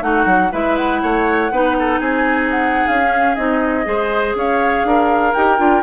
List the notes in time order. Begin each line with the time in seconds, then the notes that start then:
0.00 A3 D#4 F#4 F#5
0.25 F#3
0.51 G#3 E4 B4 E5
0.76 F#5
1.02 A3 C#5
1.51 B3 D#4 B4
1.79 A4
1.99 C4 G#4 G#5
2.50 F#5
2.87 C#4 F5
3.02 C#4
3.35 C4 D#4 D#5
3.84 G#3 G#4 C5
4.34 C#4 C#5 F5
4.84 D4 A#4
5.34 D#4 G4 G5
5.58 D4 F4